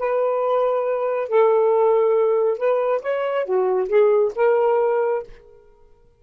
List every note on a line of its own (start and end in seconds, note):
0.00 1.29 B4
1.29 2.58 A4
2.58 3.02 B4
3.02 3.45 C#5
3.45 3.89 F#4
3.89 4.32 G#4
4.36 5.23 A#4